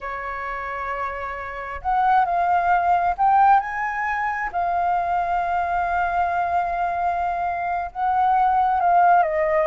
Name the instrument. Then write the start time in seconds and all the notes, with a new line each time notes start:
flute
0.00 C#5
1.81 F#5
2.25 F5
3.17 G5
3.60 G#5
4.52 F5
7.92 F#5
8.79 F5
9.22 D#5